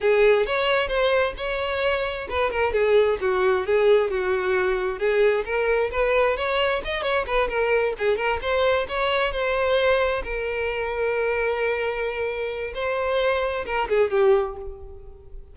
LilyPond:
\new Staff \with { instrumentName = "violin" } { \time 4/4 \tempo 4 = 132 gis'4 cis''4 c''4 cis''4~ | cis''4 b'8 ais'8 gis'4 fis'4 | gis'4 fis'2 gis'4 | ais'4 b'4 cis''4 dis''8 cis''8 |
b'8 ais'4 gis'8 ais'8 c''4 cis''8~ | cis''8 c''2 ais'4.~ | ais'1 | c''2 ais'8 gis'8 g'4 | }